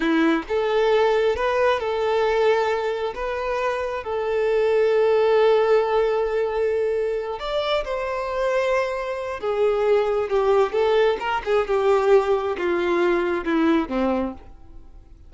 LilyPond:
\new Staff \with { instrumentName = "violin" } { \time 4/4 \tempo 4 = 134 e'4 a'2 b'4 | a'2. b'4~ | b'4 a'2.~ | a'1~ |
a'8 d''4 c''2~ c''8~ | c''4 gis'2 g'4 | a'4 ais'8 gis'8 g'2 | f'2 e'4 c'4 | }